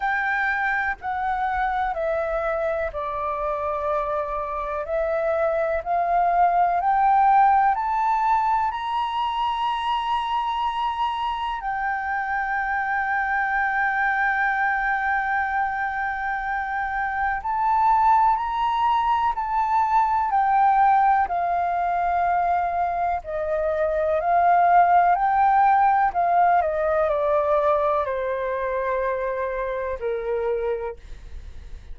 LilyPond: \new Staff \with { instrumentName = "flute" } { \time 4/4 \tempo 4 = 62 g''4 fis''4 e''4 d''4~ | d''4 e''4 f''4 g''4 | a''4 ais''2. | g''1~ |
g''2 a''4 ais''4 | a''4 g''4 f''2 | dis''4 f''4 g''4 f''8 dis''8 | d''4 c''2 ais'4 | }